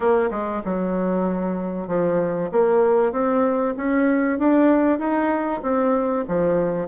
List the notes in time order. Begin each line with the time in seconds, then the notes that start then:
0.00 A#3
0.30 G#3
0.64 F#3
1.87 F3
2.51 A#3
3.11 C4
3.77 C#4
4.38 D4
4.98 D#4
5.62 C4
6.28 F3